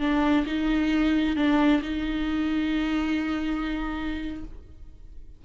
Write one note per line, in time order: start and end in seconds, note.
0.00 0.45 D4
0.46 1.36 D#4
1.36 1.82 D4
1.82 4.44 D#4